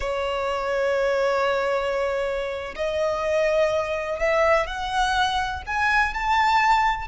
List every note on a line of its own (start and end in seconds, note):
0.00 2.74 C#5
2.75 4.19 D#5
4.19 4.66 E5
4.66 5.62 F#5
5.66 6.14 G#5
6.14 7.08 A5